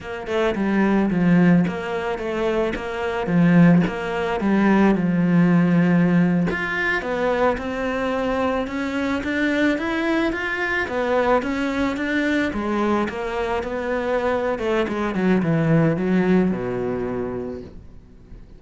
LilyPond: \new Staff \with { instrumentName = "cello" } { \time 4/4 \tempo 4 = 109 ais8 a8 g4 f4 ais4 | a4 ais4 f4 ais4 | g4 f2~ f8. f'16~ | f'8. b4 c'2 cis'16~ |
cis'8. d'4 e'4 f'4 b16~ | b8. cis'4 d'4 gis4 ais16~ | ais8. b4.~ b16 a8 gis8 fis8 | e4 fis4 b,2 | }